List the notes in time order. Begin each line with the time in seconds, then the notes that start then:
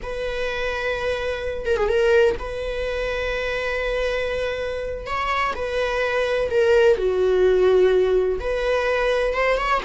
0.02 B4
1.65 A#4
1.76 G#4
1.88 A#4
2.39 B4
5.06 C#5
5.55 B4
6.50 A#4
6.97 F#4
8.40 B4
9.33 C5
9.57 C#5